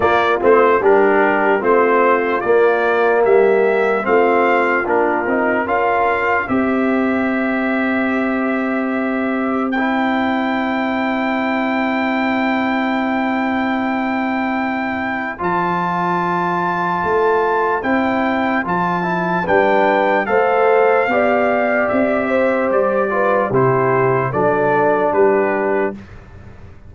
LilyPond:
<<
  \new Staff \with { instrumentName = "trumpet" } { \time 4/4 \tempo 4 = 74 d''8 c''8 ais'4 c''4 d''4 | e''4 f''4 ais'4 f''4 | e''1 | g''1~ |
g''2. a''4~ | a''2 g''4 a''4 | g''4 f''2 e''4 | d''4 c''4 d''4 b'4 | }
  \new Staff \with { instrumentName = "horn" } { \time 4/4 f'4 g'4 f'2 | g'4 f'2 ais'4 | c''1~ | c''1~ |
c''1~ | c''1 | b'4 c''4 d''4. c''8~ | c''8 b'8 g'4 a'4 g'4 | }
  \new Staff \with { instrumentName = "trombone" } { \time 4/4 ais8 c'8 d'4 c'4 ais4~ | ais4 c'4 d'8 dis'8 f'4 | g'1 | e'1~ |
e'2. f'4~ | f'2 e'4 f'8 e'8 | d'4 a'4 g'2~ | g'8 f'8 e'4 d'2 | }
  \new Staff \with { instrumentName = "tuba" } { \time 4/4 ais8 a8 g4 a4 ais4 | g4 a4 ais8 c'8 cis'4 | c'1~ | c'1~ |
c'2. f4~ | f4 a4 c'4 f4 | g4 a4 b4 c'4 | g4 c4 fis4 g4 | }
>>